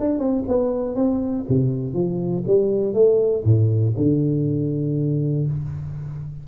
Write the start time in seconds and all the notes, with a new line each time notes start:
0.00 D4
0.19 C4
0.48 B3
0.95 C4
1.49 C3
1.94 F3
2.47 G3
2.94 A3
3.44 A2
3.97 D3